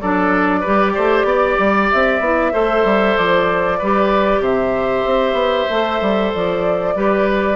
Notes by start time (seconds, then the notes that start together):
0.00 F#3 D4 A4 D5
0.60 G4 B4
0.66 G3
0.94 A3 C5
1.24 B3 D5
1.59 G3
1.90 C4 E5
2.20 B3 E4
2.52 A3 A4 C5
2.84 G3
3.17 F3 D5
3.78 G3 G4 B4
4.40 C3 C5 E5
5.05 C4
5.33 B3
5.70 A3 A4
6.01 G3
6.34 F3 D5
6.95 G3 G4 B4